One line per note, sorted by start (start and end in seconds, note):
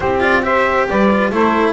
0.00 0.86 C4
0.00 0.20 E4
0.00 0.42 G4
0.00 0.21 C5
0.20 0.42 F4
0.20 0.44 D5
0.42 1.08 G4
0.42 0.88 C5
0.42 0.88 E5
0.89 1.30 G3
0.89 1.32 B4
0.89 1.33 D5
1.10 1.32 F4
1.30 1.72 A3
1.30 1.72 E4
1.30 1.72 A4
1.30 1.72 C5